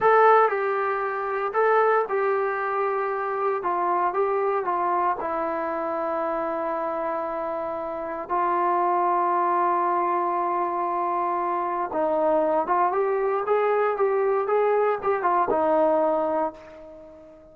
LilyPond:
\new Staff \with { instrumentName = "trombone" } { \time 4/4 \tempo 4 = 116 a'4 g'2 a'4 | g'2. f'4 | g'4 f'4 e'2~ | e'1 |
f'1~ | f'2. dis'4~ | dis'8 f'8 g'4 gis'4 g'4 | gis'4 g'8 f'8 dis'2 | }